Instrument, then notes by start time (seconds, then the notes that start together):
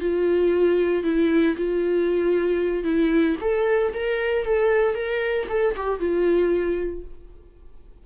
viola
0.00 F4
1.03 E4
1.56 F4
2.84 E4
3.41 A4
3.93 A#4
4.45 A4
4.94 A#4
5.49 A4
5.76 G4
5.99 F4